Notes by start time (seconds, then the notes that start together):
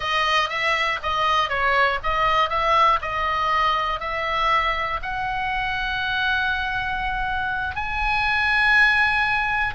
0.00 D#5
0.49 E5
1.02 D#5
1.49 C#5
2.03 D#5
2.49 E5
3.01 D#5
4.00 E5
5.02 F#5
7.75 G#5